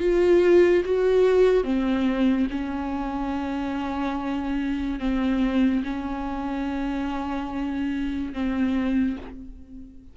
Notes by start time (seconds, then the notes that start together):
0.00 F4
0.85 F#4
1.64 C4
2.50 C#4
5.00 C4
5.84 C#4
8.34 C4